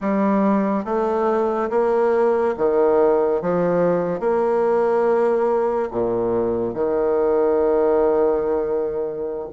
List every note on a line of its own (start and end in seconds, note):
0.00 0.85 G3
0.85 1.69 A3
1.70 2.54 A#3
2.57 3.41 D#3
3.41 4.20 F3
4.20 5.89 A#3
5.90 6.73 A#2
6.73 9.48 D#3